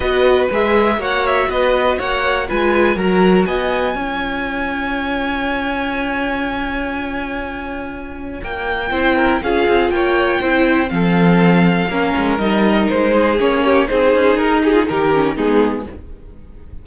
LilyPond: <<
  \new Staff \with { instrumentName = "violin" } { \time 4/4 \tempo 4 = 121 dis''4 e''4 fis''8 e''8 dis''4 | fis''4 gis''4 ais''4 gis''4~ | gis''1~ | gis''1~ |
gis''4 g''2 f''4 | g''2 f''2~ | f''4 dis''4 c''4 cis''4 | c''4 ais'8 gis'8 ais'4 gis'4 | }
  \new Staff \with { instrumentName = "violin" } { \time 4/4 b'2 cis''4 b'4 | cis''4 b'4 ais'4 dis''4 | cis''1~ | cis''1~ |
cis''2 c''8 ais'8 gis'4 | cis''4 c''4 a'2 | ais'2~ ais'8 gis'4 g'8 | gis'4. g'16 f'16 g'4 dis'4 | }
  \new Staff \with { instrumentName = "viola" } { \time 4/4 fis'4 gis'4 fis'2~ | fis'4 f'4 fis'2 | f'1~ | f'1~ |
f'2 e'4 f'4~ | f'4 e'4 c'2 | cis'4 dis'2 cis'4 | dis'2~ dis'8 cis'8 b4 | }
  \new Staff \with { instrumentName = "cello" } { \time 4/4 b4 gis4 ais4 b4 | ais4 gis4 fis4 b4 | cis'1~ | cis'1~ |
cis'4 ais4 c'4 cis'8 c'8 | ais4 c'4 f2 | ais8 gis8 g4 gis4 ais4 | c'8 cis'8 dis'4 dis4 gis4 | }
>>